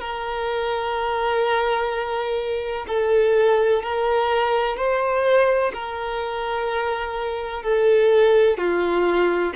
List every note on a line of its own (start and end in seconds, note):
0.00 2.86 A#4
2.87 3.83 A4
3.83 4.77 A#4
4.77 5.72 C5
5.74 7.63 A#4
7.63 8.58 A4
8.58 9.53 F4